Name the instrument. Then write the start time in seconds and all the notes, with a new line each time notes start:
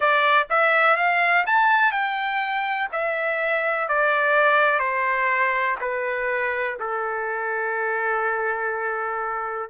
trumpet
0.00 D5
0.50 E5
0.96 F5
1.46 A5
1.91 G5
2.92 E5
3.88 D5
4.79 C5
5.80 B4
6.79 A4